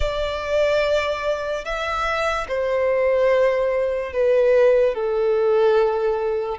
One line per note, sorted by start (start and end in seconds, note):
0.00 1.64 D5
1.64 2.47 E5
2.48 4.12 C5
4.12 4.94 B4
4.94 6.58 A4